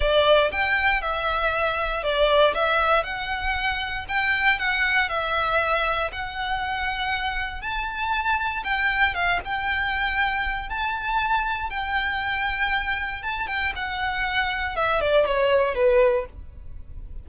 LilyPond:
\new Staff \with { instrumentName = "violin" } { \time 4/4 \tempo 4 = 118 d''4 g''4 e''2 | d''4 e''4 fis''2 | g''4 fis''4 e''2 | fis''2. a''4~ |
a''4 g''4 f''8 g''4.~ | g''4 a''2 g''4~ | g''2 a''8 g''8 fis''4~ | fis''4 e''8 d''8 cis''4 b'4 | }